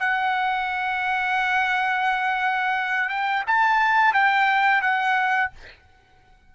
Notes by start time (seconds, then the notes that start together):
0.00 F#5
3.10 G5
3.47 A5
4.14 G5
4.82 F#5